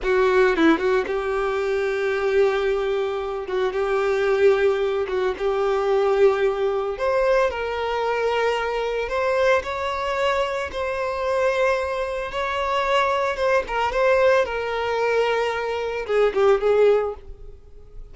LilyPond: \new Staff \with { instrumentName = "violin" } { \time 4/4 \tempo 4 = 112 fis'4 e'8 fis'8 g'2~ | g'2~ g'8 fis'8 g'4~ | g'4. fis'8 g'2~ | g'4 c''4 ais'2~ |
ais'4 c''4 cis''2 | c''2. cis''4~ | cis''4 c''8 ais'8 c''4 ais'4~ | ais'2 gis'8 g'8 gis'4 | }